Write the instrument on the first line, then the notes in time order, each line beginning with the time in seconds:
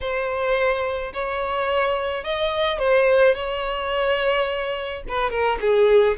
violin
0.00 C5
1.13 C#5
2.24 D#5
2.78 C5
3.34 C#5
5.08 B4
5.30 A#4
5.60 G#4